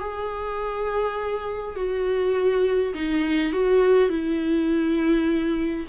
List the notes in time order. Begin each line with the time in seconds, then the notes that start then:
0.00 G#4
1.76 F#4
2.94 D#4
3.53 F#4
4.10 E4